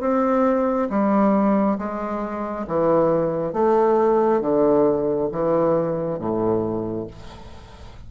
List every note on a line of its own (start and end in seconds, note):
0.00 0.88 C4
0.89 1.78 G3
1.78 2.66 G#3
2.67 3.53 E3
3.53 4.41 A3
4.41 5.29 D3
5.32 6.18 E3
6.18 7.07 A2